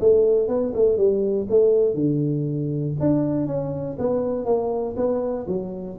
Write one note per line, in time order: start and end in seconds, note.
0.00 0.48 A3
0.48 0.73 B3
0.74 0.97 A3
0.97 1.47 G3
1.50 1.95 A3
1.95 2.95 D3
3.00 3.47 D4
3.47 3.97 C#4
3.99 4.45 B3
4.45 4.95 A#3
4.97 5.47 B3
5.47 5.97 F#3